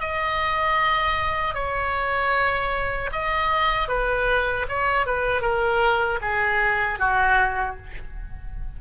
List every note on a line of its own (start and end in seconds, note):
0.00 1.54 D#5
1.54 3.10 C#5
3.12 3.88 D#5
3.88 4.66 B4
4.68 5.06 C#5
5.06 5.41 B4
5.41 6.19 A#4
6.21 6.98 G#4
6.98 7.76 F#4